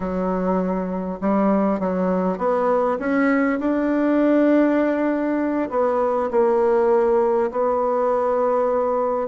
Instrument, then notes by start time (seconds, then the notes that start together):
bassoon
0.00 F#3
1.20 G3
1.79 F#3
2.38 B3
2.99 C#4
3.59 D4
5.70 B3
6.30 A#3
7.51 B3